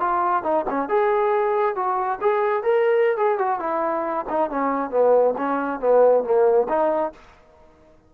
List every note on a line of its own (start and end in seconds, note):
0.00 0.43 F4
0.43 0.65 D#4
0.69 0.89 C#4
0.89 1.75 G#4
1.75 2.19 F#4
2.21 2.63 G#4
2.63 3.17 A#4
3.17 3.38 G#4
3.38 3.60 F#4
3.60 4.25 E4
4.29 4.50 D#4
4.50 4.90 C#4
4.90 5.34 B3
5.37 5.80 C#4
5.80 6.24 B3
6.24 6.67 A#3
6.68 7.12 D#4